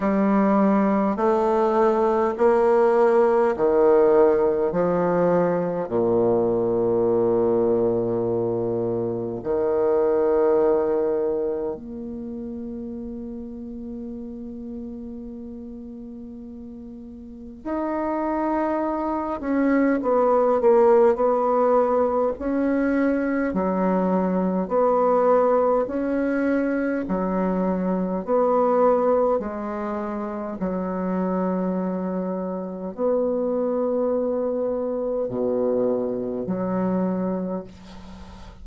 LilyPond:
\new Staff \with { instrumentName = "bassoon" } { \time 4/4 \tempo 4 = 51 g4 a4 ais4 dis4 | f4 ais,2. | dis2 ais2~ | ais2. dis'4~ |
dis'8 cis'8 b8 ais8 b4 cis'4 | fis4 b4 cis'4 fis4 | b4 gis4 fis2 | b2 b,4 fis4 | }